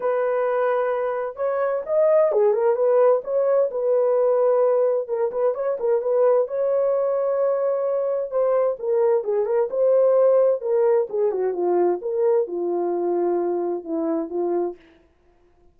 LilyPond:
\new Staff \with { instrumentName = "horn" } { \time 4/4 \tempo 4 = 130 b'2. cis''4 | dis''4 gis'8 ais'8 b'4 cis''4 | b'2. ais'8 b'8 | cis''8 ais'8 b'4 cis''2~ |
cis''2 c''4 ais'4 | gis'8 ais'8 c''2 ais'4 | gis'8 fis'8 f'4 ais'4 f'4~ | f'2 e'4 f'4 | }